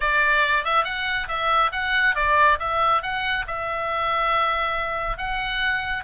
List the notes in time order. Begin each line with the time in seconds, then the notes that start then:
0.00 D5
0.64 E5
0.84 F#5
1.28 E5
1.72 F#5
2.15 D5
2.59 E5
3.02 F#5
3.47 E5
5.17 F#5